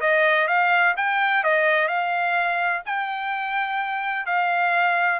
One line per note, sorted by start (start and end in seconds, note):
0.00 0.47 D#5
0.47 0.94 F5
0.97 1.43 G5
1.43 1.88 D#5
1.88 2.82 F5
2.85 4.26 G5
4.26 5.20 F5